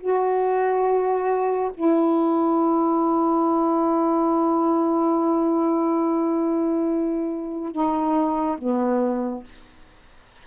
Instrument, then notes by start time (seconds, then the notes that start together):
saxophone
0.00 F#4
1.74 E4
7.71 D#4
8.58 B3